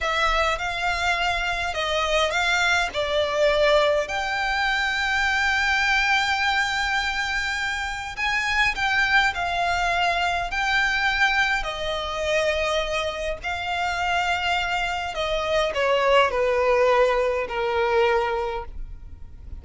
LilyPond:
\new Staff \with { instrumentName = "violin" } { \time 4/4 \tempo 4 = 103 e''4 f''2 dis''4 | f''4 d''2 g''4~ | g''1~ | g''2 gis''4 g''4 |
f''2 g''2 | dis''2. f''4~ | f''2 dis''4 cis''4 | b'2 ais'2 | }